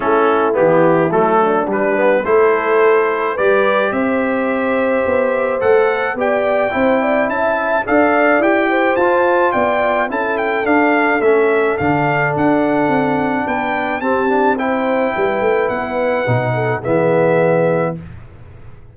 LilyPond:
<<
  \new Staff \with { instrumentName = "trumpet" } { \time 4/4 \tempo 4 = 107 a'4 g'4 a'4 b'4 | c''2 d''4 e''4~ | e''2 fis''4 g''4~ | g''4 a''4 f''4 g''4 |
a''4 g''4 a''8 g''8 f''4 | e''4 f''4 fis''2 | g''4 a''4 g''2 | fis''2 e''2 | }
  \new Staff \with { instrumentName = "horn" } { \time 4/4 e'2~ e'8 d'4. | a'2 b'4 c''4~ | c''2. d''4 | c''8 d''8 e''4 d''4. c''8~ |
c''4 d''4 a'2~ | a'1 | b'4 g'4 c''4 b'4~ | b'4. a'8 gis'2 | }
  \new Staff \with { instrumentName = "trombone" } { \time 4/4 cis'4 b4 a4 g8 b8 | e'2 g'2~ | g'2 a'4 g'4 | e'2 a'4 g'4 |
f'2 e'4 d'4 | cis'4 d'2.~ | d'4 c'8 d'8 e'2~ | e'4 dis'4 b2 | }
  \new Staff \with { instrumentName = "tuba" } { \time 4/4 a4 e4 fis4 g4 | a2 g4 c'4~ | c'4 b4 a4 b4 | c'4 cis'4 d'4 e'4 |
f'4 b4 cis'4 d'4 | a4 d4 d'4 c'4 | b4 c'2 g8 a8 | b4 b,4 e2 | }
>>